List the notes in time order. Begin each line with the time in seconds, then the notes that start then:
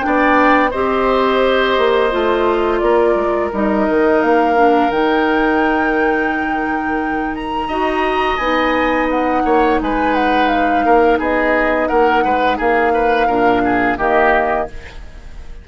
0.00 B3 D4 D5 G5
0.70 C4 G4 C5 D#5
1.78 A#3
2.11 A3 F4
2.79 A#3 A#4 D5
3.15 G#3
3.53 G3 D#4 D#5
3.89 D#3
4.22 A#3 F5
4.55 D4
4.90 D#3 D#4 G5
7.35 A#5
7.68 D#4 F#4 D#5
8.37 B3 D#4 G#5
9.10 F#5
9.45 A#3 C#5
9.81 G#3 B4 G#5
10.14 F#5
10.48 F5
10.85 A#3 A#4
11.18 B3 G#4 D#5
11.88 A#3 A#4 F#5
12.24 G#3 B4
12.57 A#3 G#4 F5
12.94 B4
13.27 A#2 D4 A#4
13.65 G#4
13.97 D#3 A#3 G4 D#5